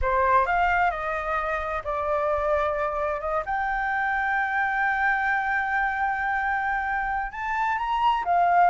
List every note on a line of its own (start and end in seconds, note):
0.01 0.46 C5
0.46 0.91 F5
0.91 1.82 D#5
1.84 3.20 D5
3.20 3.43 D#5
3.45 7.32 G5
7.32 7.77 A5
7.78 8.24 A#5
8.24 8.70 F5